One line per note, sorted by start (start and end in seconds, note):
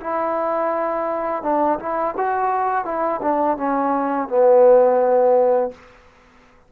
0.00 1.43 E4
1.43 1.78 D4
1.79 2.15 E4
2.17 2.84 F#4
2.84 3.20 E4
3.21 3.57 D4
3.57 4.28 C#4
4.28 5.71 B3